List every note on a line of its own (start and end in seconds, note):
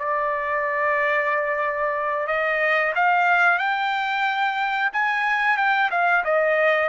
0.00 2.27 D5
2.27 2.93 D#5
2.96 3.59 F5
3.59 4.91 G5
4.93 5.58 G#5
5.58 5.91 G5
5.91 6.24 F5
6.25 6.90 D#5